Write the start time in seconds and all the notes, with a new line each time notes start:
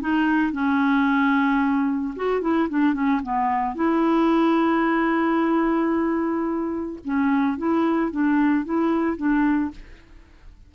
0.00 D#4
0.52 C#4
2.15 F#4
2.41 E4
2.69 D4
2.93 C#4
3.22 B3
3.75 E4
7.04 C#4
7.57 E4
8.11 D4
8.64 E4
9.16 D4